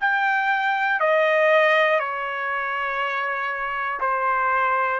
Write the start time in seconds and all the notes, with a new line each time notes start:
0.00 G5
1.00 D#5
1.99 C#5
4.00 C5